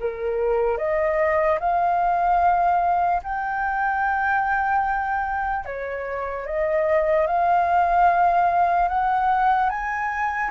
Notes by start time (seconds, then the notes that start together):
0.00 A#4
0.78 D#5
1.60 F5
3.23 G5
5.65 C#5
6.46 D#5
7.27 F5
8.89 F#5
9.70 G#5